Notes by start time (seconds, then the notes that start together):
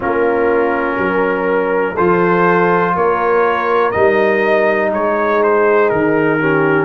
0.00 A#3 C#4 F4 A#4
0.97 F#3 A#4
1.93 F3 F4 A4 C5
2.95 A#3 A#4 C#5
3.91 G3 D#4 D#5
4.92 G#3 G#4 C#5
5.43 C5
5.89 D#3 A#4
6.39 C#4 G4